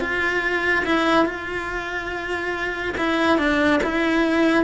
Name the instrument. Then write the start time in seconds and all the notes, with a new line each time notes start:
cello
0.00 F4
0.85 E4
1.25 F4
2.97 E4
3.38 D4
3.83 E4